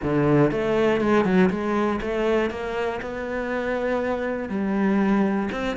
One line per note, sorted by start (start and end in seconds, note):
0.02 0.51 D3
0.51 1.00 A3
1.00 1.24 G#3
1.24 1.49 F#3
1.50 2.00 G#3
2.01 2.50 A3
2.50 3.00 A#3
3.01 4.49 B3
4.49 5.49 G3
5.51 5.76 C4